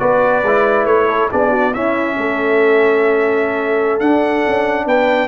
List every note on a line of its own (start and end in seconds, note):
0.00 0.44 B3
0.00 0.43 F#4
0.00 1.09 B4
0.00 0.86 D5
0.44 0.85 G#3
0.44 1.31 E4
0.85 1.29 A3
0.85 1.29 C#5
1.09 1.31 A4
1.31 1.76 B3
1.31 1.74 D4
1.31 1.51 G#4
1.31 1.74 D5
1.51 1.72 F#4
1.73 4.02 C#4
1.73 2.18 C#4
1.73 2.16 E4
1.73 4.00 E5
2.17 4.01 A3
2.17 4.87 A4
4.00 4.44 D4
4.00 5.29 D4
4.00 4.87 F#5
4.48 4.86 C#4
4.86 5.29 B3
4.86 5.29 B4
4.86 5.29 G5